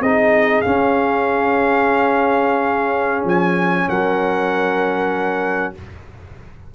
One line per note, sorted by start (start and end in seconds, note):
0.00 0.62 C4
0.00 0.64 D#4
0.00 3.88 G#4
0.00 0.61 D#5
0.61 5.75 C#4
0.61 3.24 C#4
0.61 3.24 F5
3.24 3.86 F3
3.24 3.89 G#5
3.88 5.75 F#3
3.88 5.74 A#4
3.88 5.74 F#5